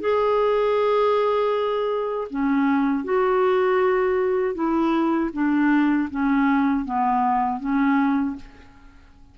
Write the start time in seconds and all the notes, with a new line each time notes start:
0.00 G#4
2.30 C#4
3.04 F#4
4.54 E4
5.33 D4
6.10 C#4
6.85 B3
7.60 C#4